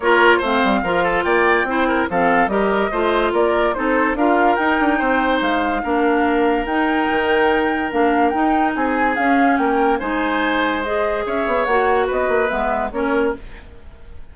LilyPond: <<
  \new Staff \with { instrumentName = "flute" } { \time 4/4 \tempo 4 = 144 cis''4 f''2 g''4~ | g''4 f''4 dis''2 | d''4 c''4 f''4 g''4~ | g''4 f''2. |
g''2. f''4 | g''4 gis''4 f''4 g''4 | gis''2 dis''4 e''4 | fis''4 dis''4 e''4 cis''4 | }
  \new Staff \with { instrumentName = "oboe" } { \time 4/4 ais'4 c''4 ais'8 a'8 d''4 | c''8 ais'8 a'4 ais'4 c''4 | ais'4 a'4 ais'2 | c''2 ais'2~ |
ais'1~ | ais'4 gis'2 ais'4 | c''2. cis''4~ | cis''4 b'2 ais'4 | }
  \new Staff \with { instrumentName = "clarinet" } { \time 4/4 f'4 c'4 f'2 | e'4 c'4 g'4 f'4~ | f'4 dis'4 f'4 dis'4~ | dis'2 d'2 |
dis'2. d'4 | dis'2 cis'2 | dis'2 gis'2 | fis'2 b4 cis'4 | }
  \new Staff \with { instrumentName = "bassoon" } { \time 4/4 ais4 a8 g8 f4 ais4 | c'4 f4 g4 a4 | ais4 c'4 d'4 dis'8 d'8 | c'4 gis4 ais2 |
dis'4 dis2 ais4 | dis'4 c'4 cis'4 ais4 | gis2. cis'8 b8 | ais4 b8 ais8 gis4 ais4 | }
>>